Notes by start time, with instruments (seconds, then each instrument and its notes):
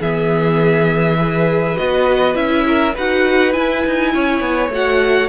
0.00 cello E3, viola B3, violin G#4 E5
1.17 viola G#4, violin B4
1.76 cello B3, viola F#4, violin D#5
2.34 cello C#4, viola E4, violin E5
2.67 violin A#4
2.94 cello D#4, viola F#4, violin B4 F#5
3.53 viola E4, cello E4, violin G#5
3.86 cello D#4
4.14 cello C#4, violin C#5
4.40 cello B3
4.69 cello A3, viola F#4, violin F#5